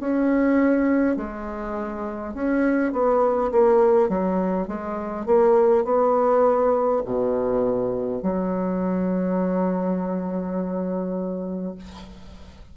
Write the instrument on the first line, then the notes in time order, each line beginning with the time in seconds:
bassoon
0.00 C#4
1.16 G#3
2.34 C#4
2.92 B3
3.51 A#3
4.09 F#3
4.67 G#3
5.26 A#3
5.84 B3
7.05 B2
8.22 F#3